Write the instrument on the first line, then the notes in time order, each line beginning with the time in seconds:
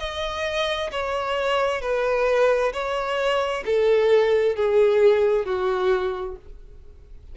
violin
0.00 D#5
0.91 C#5
1.82 B4
2.73 C#5
3.66 A4
4.56 G#4
5.45 F#4